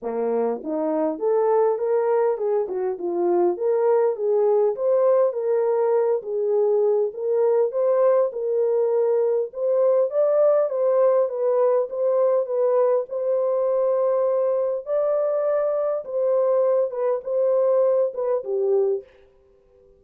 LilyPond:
\new Staff \with { instrumentName = "horn" } { \time 4/4 \tempo 4 = 101 ais4 dis'4 a'4 ais'4 | gis'8 fis'8 f'4 ais'4 gis'4 | c''4 ais'4. gis'4. | ais'4 c''4 ais'2 |
c''4 d''4 c''4 b'4 | c''4 b'4 c''2~ | c''4 d''2 c''4~ | c''8 b'8 c''4. b'8 g'4 | }